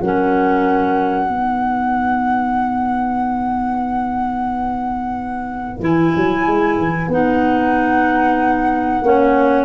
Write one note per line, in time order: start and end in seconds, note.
0.00 1.29 F#3
0.00 1.31 C#4
0.00 1.31 A#4
0.00 5.81 F#5
1.29 5.80 B3
1.29 5.81 D#4
1.29 9.05 B4
5.80 6.12 E3
5.80 7.10 E4
5.80 7.11 G#5
6.16 6.47 F#3
6.47 6.78 G#3
6.78 7.08 E3
7.08 9.01 B3
7.08 9.05 D#4
7.08 9.65 F#5
9.02 9.65 A#3
9.02 9.65 C#4
9.02 9.65 C#5